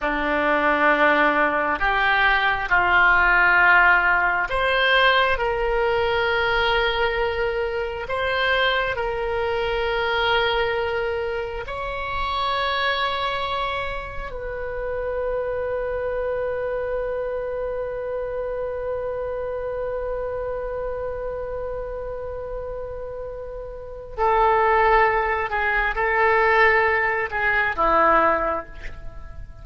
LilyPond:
\new Staff \with { instrumentName = "oboe" } { \time 4/4 \tempo 4 = 67 d'2 g'4 f'4~ | f'4 c''4 ais'2~ | ais'4 c''4 ais'2~ | ais'4 cis''2. |
b'1~ | b'1~ | b'2. a'4~ | a'8 gis'8 a'4. gis'8 e'4 | }